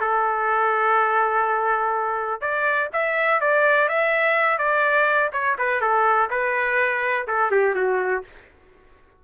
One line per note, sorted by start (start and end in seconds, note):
0.00 2.41 A4
2.41 2.89 D5
2.93 3.40 E5
3.40 3.89 D5
3.89 4.58 E5
4.58 5.30 D5
5.32 5.57 C#5
5.58 5.81 B4
5.81 6.29 A4
6.30 7.27 B4
7.27 7.51 A4
7.51 7.75 G4
7.75 8.23 F#4